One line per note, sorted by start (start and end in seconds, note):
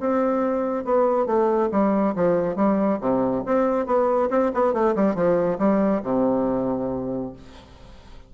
0.00 0.84 C4
0.84 1.26 B3
1.26 1.69 A3
1.71 2.14 G3
2.15 2.55 F3
2.55 2.99 G3
3.01 3.44 C3
3.46 3.86 C4
3.86 4.29 B3
4.30 4.51 C4
4.54 4.73 B3
4.73 4.95 A3
4.95 5.15 G3
5.15 5.58 F3
5.59 6.02 G3
6.03 7.32 C3